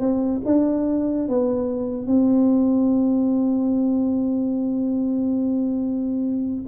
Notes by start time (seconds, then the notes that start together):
0.00 C4
0.46 D4
1.29 B3
2.07 C4